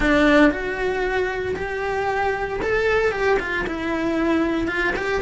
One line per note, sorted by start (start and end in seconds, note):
0.00 0.51 D4
0.51 1.55 F#4
1.55 2.60 G4
2.61 3.11 A4
3.11 3.37 G4
3.39 3.65 F4
3.66 4.67 E4
4.67 4.93 F4
4.96 5.21 G4